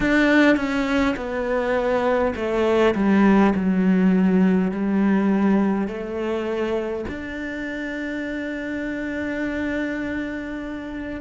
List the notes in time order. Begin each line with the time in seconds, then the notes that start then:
0.00 D4
0.56 C#4
1.16 B3
2.35 A3
2.94 G3
3.55 F#3
4.71 G3
5.87 A3
7.09 D4